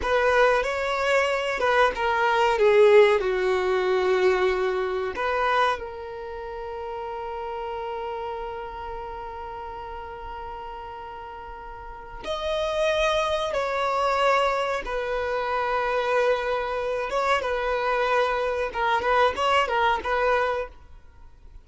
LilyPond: \new Staff \with { instrumentName = "violin" } { \time 4/4 \tempo 4 = 93 b'4 cis''4. b'8 ais'4 | gis'4 fis'2. | b'4 ais'2.~ | ais'1~ |
ais'2. dis''4~ | dis''4 cis''2 b'4~ | b'2~ b'8 cis''8 b'4~ | b'4 ais'8 b'8 cis''8 ais'8 b'4 | }